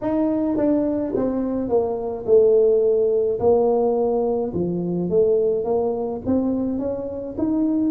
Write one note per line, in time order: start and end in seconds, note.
0.01 0.57 D#4
0.57 1.13 D4
1.15 1.68 C4
1.68 2.25 A#3
2.26 3.39 A3
3.39 4.52 A#3
4.53 5.09 F3
5.09 5.64 A3
5.64 6.21 A#3
6.26 6.79 C4
6.79 7.35 C#4
7.37 7.90 D#4